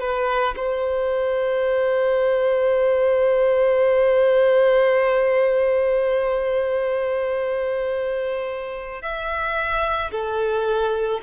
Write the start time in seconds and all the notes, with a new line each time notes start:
0.00 B4
0.56 C5
9.01 E5
10.11 A4